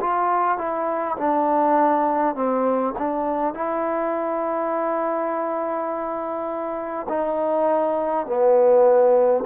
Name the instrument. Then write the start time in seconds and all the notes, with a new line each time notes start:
trombone
0.00 F4
0.58 E4
1.18 D4
2.35 C4
2.98 D4
3.53 E4
7.09 D#4
8.26 B3